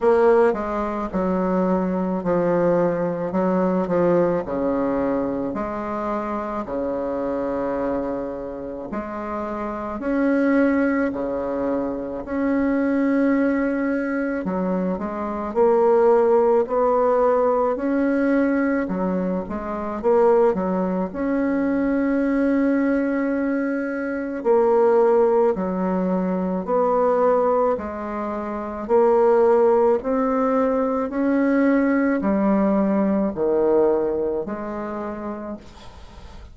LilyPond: \new Staff \with { instrumentName = "bassoon" } { \time 4/4 \tempo 4 = 54 ais8 gis8 fis4 f4 fis8 f8 | cis4 gis4 cis2 | gis4 cis'4 cis4 cis'4~ | cis'4 fis8 gis8 ais4 b4 |
cis'4 fis8 gis8 ais8 fis8 cis'4~ | cis'2 ais4 fis4 | b4 gis4 ais4 c'4 | cis'4 g4 dis4 gis4 | }